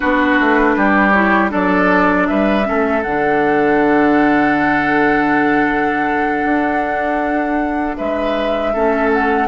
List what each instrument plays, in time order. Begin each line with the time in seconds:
0.00 bassoon B3, clarinet D4, oboe F#4, flute B4
0.40 bassoon A3
0.76 bassoon G3, oboe G4
1.11 clarinet E4, flute C#5
1.49 bassoon F#3, clarinet D4, oboe A4, flute D5
2.27 bassoon G3, oboe B4, flute E5
2.64 bassoon A3, clarinet C#4, oboe A4
3.02 bassoon D3, clarinet D4, flute F#5
6.44 bassoon D4
7.96 bassoon G#3, oboe B4, flute E5
8.73 bassoon A3, clarinet C#4, oboe A4
9.12 flute F#5